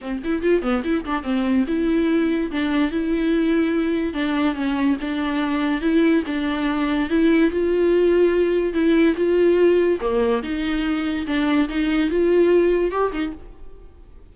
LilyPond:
\new Staff \with { instrumentName = "viola" } { \time 4/4 \tempo 4 = 144 c'8 e'8 f'8 b8 e'8 d'8 c'4 | e'2 d'4 e'4~ | e'2 d'4 cis'4 | d'2 e'4 d'4~ |
d'4 e'4 f'2~ | f'4 e'4 f'2 | ais4 dis'2 d'4 | dis'4 f'2 g'8 dis'8 | }